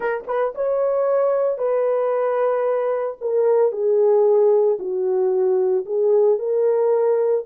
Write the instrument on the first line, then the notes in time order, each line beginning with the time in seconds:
horn
0.00 A#4
0.27 B4
0.54 C#5
1.58 B4
3.20 A#4
3.72 G#4
4.79 F#4
5.86 G#4
6.38 A#4